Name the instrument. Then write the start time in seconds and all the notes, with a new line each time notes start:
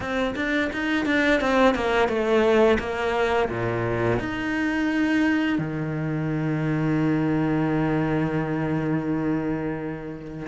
cello
0.00 C4
0.35 D4
0.72 D#4
1.05 D4
1.40 C4
1.74 A#3
2.08 A3
2.79 A#3
3.49 A#2
4.19 D#4
5.58 D#3